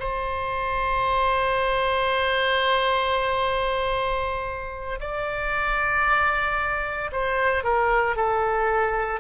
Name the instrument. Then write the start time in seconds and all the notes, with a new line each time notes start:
oboe
0.00 C5
5.00 D5
7.12 C5
7.64 A#4
8.16 A4